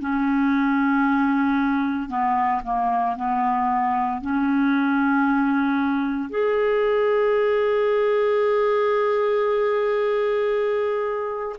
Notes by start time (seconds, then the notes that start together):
0.00 C#4
2.09 B3
2.64 A#3
3.16 B3
4.22 C#4
6.30 G#4